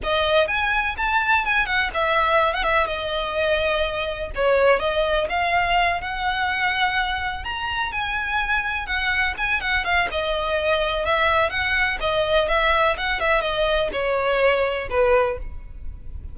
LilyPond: \new Staff \with { instrumentName = "violin" } { \time 4/4 \tempo 4 = 125 dis''4 gis''4 a''4 gis''8 fis''8 | e''4~ e''16 fis''16 e''8 dis''2~ | dis''4 cis''4 dis''4 f''4~ | f''8 fis''2. ais''8~ |
ais''8 gis''2 fis''4 gis''8 | fis''8 f''8 dis''2 e''4 | fis''4 dis''4 e''4 fis''8 e''8 | dis''4 cis''2 b'4 | }